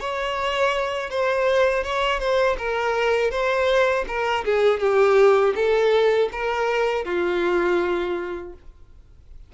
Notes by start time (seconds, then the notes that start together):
0.00 C#5
1.10 C5
1.84 C#5
2.19 C5
2.58 A#4
3.31 C5
4.07 A#4
4.44 G#4
4.79 G4
5.55 A4
6.32 A#4
7.05 F4